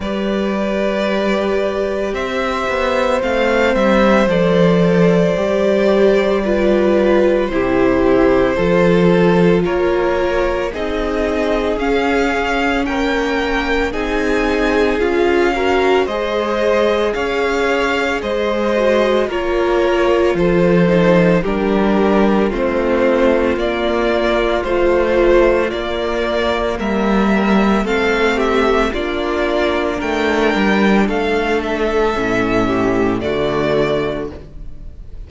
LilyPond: <<
  \new Staff \with { instrumentName = "violin" } { \time 4/4 \tempo 4 = 56 d''2 e''4 f''8 e''8 | d''2. c''4~ | c''4 cis''4 dis''4 f''4 | g''4 gis''4 f''4 dis''4 |
f''4 dis''4 cis''4 c''4 | ais'4 c''4 d''4 c''4 | d''4 e''4 f''8 e''8 d''4 | g''4 f''8 e''4. d''4 | }
  \new Staff \with { instrumentName = "violin" } { \time 4/4 b'2 c''2~ | c''2 b'4 g'4 | a'4 ais'4 gis'2 | ais'4 gis'4. ais'8 c''4 |
cis''4 c''4 ais'4 a'4 | g'4 f'2.~ | f'4 ais'4 a'8 g'8 f'4 | ais'4 a'4. g'8 fis'4 | }
  \new Staff \with { instrumentName = "viola" } { \time 4/4 g'2. c'4 | a'4 g'4 f'4 e'4 | f'2 dis'4 cis'4~ | cis'4 dis'4 f'8 fis'8 gis'4~ |
gis'4. fis'8 f'4. dis'8 | d'4 c'4 ais4 f4 | ais2 c'4 d'4~ | d'2 cis'4 a4 | }
  \new Staff \with { instrumentName = "cello" } { \time 4/4 g2 c'8 b8 a8 g8 | f4 g2 c4 | f4 ais4 c'4 cis'4 | ais4 c'4 cis'4 gis4 |
cis'4 gis4 ais4 f4 | g4 a4 ais4 a4 | ais4 g4 a4 ais4 | a8 g8 a4 a,4 d4 | }
>>